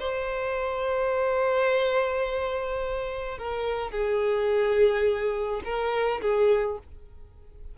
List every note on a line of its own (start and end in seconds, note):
0.00 3.39 C5
3.39 3.92 A#4
3.92 5.62 G#4
5.65 6.22 A#4
6.22 6.79 G#4